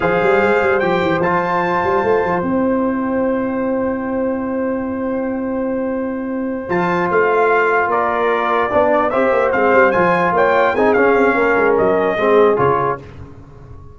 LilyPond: <<
  \new Staff \with { instrumentName = "trumpet" } { \time 4/4 \tempo 4 = 148 f''2 g''4 a''4~ | a''2 g''2~ | g''1~ | g''1~ |
g''8 a''4 f''2 d''8~ | d''2~ d''8 e''4 f''8~ | f''8 gis''4 g''4 gis''8 f''4~ | f''4 dis''2 cis''4 | }
  \new Staff \with { instrumentName = "horn" } { \time 4/4 c''1~ | c''1~ | c''1~ | c''1~ |
c''2.~ c''8 ais'8~ | ais'4. d''4 c''4.~ | c''4. cis''4 gis'4. | ais'2 gis'2 | }
  \new Staff \with { instrumentName = "trombone" } { \time 4/4 gis'2 g'4 f'4~ | f'2 e'2~ | e'1~ | e'1~ |
e'8 f'2.~ f'8~ | f'4. d'4 g'4 c'8~ | c'8 f'2 dis'8 cis'4~ | cis'2 c'4 f'4 | }
  \new Staff \with { instrumentName = "tuba" } { \time 4/4 f8 g8 gis8 g8 f8 e8 f4~ | f8 g8 a8 f8 c'2~ | c'1~ | c'1~ |
c'8 f4 a2 ais8~ | ais4. b4 c'8 ais8 gis8 | g8 f4 ais4 c'8 cis'8 c'8 | ais8 gis8 fis4 gis4 cis4 | }
>>